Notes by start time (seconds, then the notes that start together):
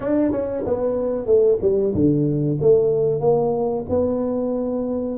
0.00 D4
0.31 C#4
0.66 B3
1.26 A3
1.61 G3
1.94 D3
2.60 A3
3.20 A#3
3.89 B3